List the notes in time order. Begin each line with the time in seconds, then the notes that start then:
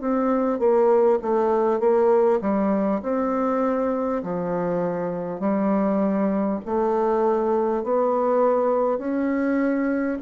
0.00 C4
0.58 A#3
1.22 A3
1.79 A#3
2.41 G3
3.02 C4
4.23 F3
5.39 G3
6.65 A3
7.83 B3
8.98 C#4